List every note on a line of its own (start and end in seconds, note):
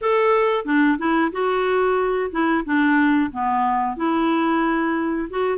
0.01 0.65 A4
0.65 0.98 D4
0.98 1.31 E4
1.32 2.30 F#4
2.31 2.64 E4
2.64 3.30 D4
3.31 3.96 B3
3.96 5.28 E4
5.30 5.58 F#4